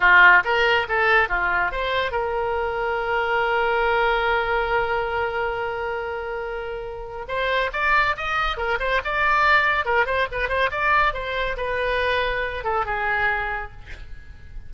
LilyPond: \new Staff \with { instrumentName = "oboe" } { \time 4/4 \tempo 4 = 140 f'4 ais'4 a'4 f'4 | c''4 ais'2.~ | ais'1~ | ais'1~ |
ais'4 c''4 d''4 dis''4 | ais'8 c''8 d''2 ais'8 c''8 | b'8 c''8 d''4 c''4 b'4~ | b'4. a'8 gis'2 | }